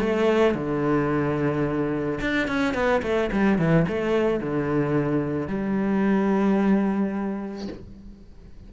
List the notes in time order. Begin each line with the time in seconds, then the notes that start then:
0.00 A3
0.55 D3
2.21 D4
2.48 C#4
2.74 B3
3.03 A3
3.33 G3
3.59 E3
3.89 A3
4.41 D3
5.48 G3